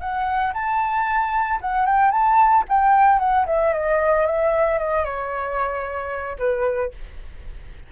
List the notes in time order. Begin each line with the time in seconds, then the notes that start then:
0.00 F#5
0.53 A5
1.61 F#5
1.86 G5
2.11 A5
2.69 G5
3.19 F#5
3.46 E5
3.73 D#5
4.26 E5
4.78 D#5
5.04 C#5
6.39 B4